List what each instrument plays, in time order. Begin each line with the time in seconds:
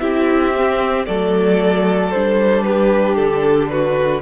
0.00 cello C4, viola E4, violin G4 E5
0.56 viola C4
1.06 cello F#3, viola A3, violin A4 D5
2.11 cello G3, viola D4, violin C5
2.64 violin G4 B4
3.16 cello D3, violin A4
3.70 violin F#4 B4